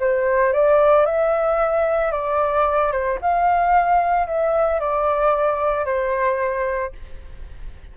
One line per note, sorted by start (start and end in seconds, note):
0.00 0.53 C5
0.53 1.06 D5
1.06 2.12 E5
2.12 2.92 D5
2.92 3.19 C5
3.21 4.28 F5
4.28 4.80 E5
4.80 5.85 D5
5.85 6.93 C5